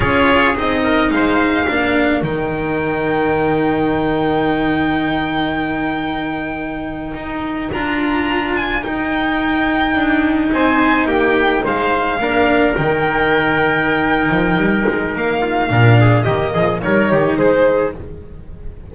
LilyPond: <<
  \new Staff \with { instrumentName = "violin" } { \time 4/4 \tempo 4 = 107 cis''4 dis''4 f''2 | g''1~ | g''1~ | g''4.~ g''16 ais''4. gis''8 g''16~ |
g''2~ g''8. gis''4 g''16~ | g''8. f''2 g''4~ g''16~ | g''2. f''4~ | f''4 dis''4 cis''4 c''4 | }
  \new Staff \with { instrumentName = "trumpet" } { \time 4/4 gis'4. ais'8 c''4 ais'4~ | ais'1~ | ais'1~ | ais'1~ |
ais'2~ ais'8. c''4 g'16~ | g'8. c''4 ais'2~ ais'16~ | ais'2.~ ais'8 f'8 | ais'8 gis'8 g'8 gis'8 ais'8 g'8 gis'4 | }
  \new Staff \with { instrumentName = "cello" } { \time 4/4 f'4 dis'2 d'4 | dis'1~ | dis'1~ | dis'4.~ dis'16 f'2 dis'16~ |
dis'1~ | dis'4.~ dis'16 d'4 dis'4~ dis'16~ | dis'1 | d'4 ais4 dis'2 | }
  \new Staff \with { instrumentName = "double bass" } { \time 4/4 cis'4 c'4 gis4 ais4 | dis1~ | dis1~ | dis8. dis'4 d'2 dis'16~ |
dis'4.~ dis'16 d'4 c'4 ais16~ | ais8. gis4 ais4 dis4~ dis16~ | dis4. f8 g8 gis8 ais4 | ais,4 dis8 f8 g8 dis8 gis4 | }
>>